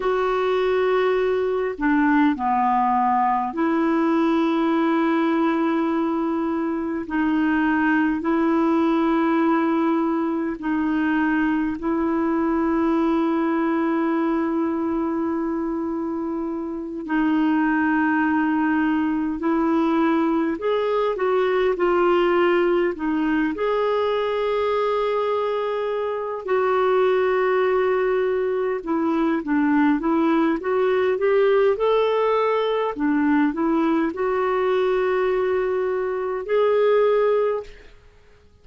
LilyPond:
\new Staff \with { instrumentName = "clarinet" } { \time 4/4 \tempo 4 = 51 fis'4. d'8 b4 e'4~ | e'2 dis'4 e'4~ | e'4 dis'4 e'2~ | e'2~ e'8 dis'4.~ |
dis'8 e'4 gis'8 fis'8 f'4 dis'8 | gis'2~ gis'8 fis'4.~ | fis'8 e'8 d'8 e'8 fis'8 g'8 a'4 | d'8 e'8 fis'2 gis'4 | }